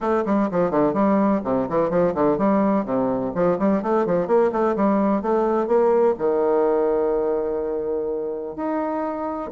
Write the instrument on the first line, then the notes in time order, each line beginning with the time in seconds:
bassoon
0.00 A3
0.25 G3
0.51 F3
0.70 D3
0.93 G3
1.44 C3
1.69 E3
1.89 F3
2.14 D3
2.37 G3
2.85 C3
3.34 F3
3.58 G3
3.82 A3
4.05 F3
4.27 A#3
4.52 A3
4.76 G3
5.21 A3
5.67 A#3
6.18 D#3
8.56 D#4